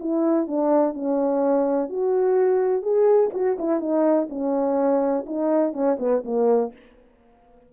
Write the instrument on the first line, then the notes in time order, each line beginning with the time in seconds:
horn
0.00 E4
0.48 D4
0.94 C#4
1.90 F#4
2.83 G#4
3.34 F#4
3.59 E4
3.81 D#4
4.30 C#4
5.26 D#4
5.74 C#4
6.00 B3
6.25 A#3